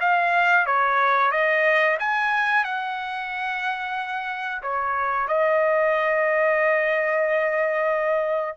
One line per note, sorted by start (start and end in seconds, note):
0.00 0.66 F5
0.66 1.31 C#5
1.31 1.97 D#5
1.99 2.64 G#5
2.64 4.62 F#5
4.62 5.28 C#5
5.28 8.57 D#5